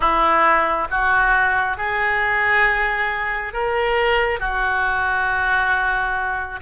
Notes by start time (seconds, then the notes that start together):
0.00 E4
0.90 F#4
1.77 G#4
3.53 A#4
4.39 F#4